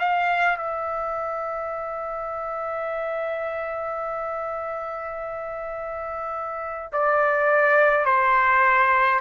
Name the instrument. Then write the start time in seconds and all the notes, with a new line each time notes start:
trumpet
0.00 F5
0.57 E5
6.93 D5
8.06 C5